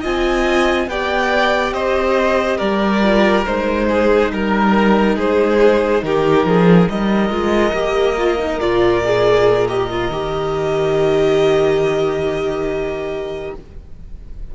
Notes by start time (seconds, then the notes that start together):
0.00 C4 F4 D#5 G#5
0.87 B3 G4 D5 G5
1.72 C4 C5 D#5
2.57 G3 A#4 D5
3.02 F4
3.45 G#3 D#4 C5
3.88 G#4
4.31 G3 A#4
5.15 G#3 G#4 C5
6.02 D#3 G4 A#4
6.44 F3 G#4
6.89 G3 A#4 D#5
7.29 G#3 F4
7.72 A#3 G4
8.17 F4
8.37 D#4
8.60 A#2 F4 D5
9.04 G#4
9.68 G4 D#5
9.89 F4
10.08 D#3 G4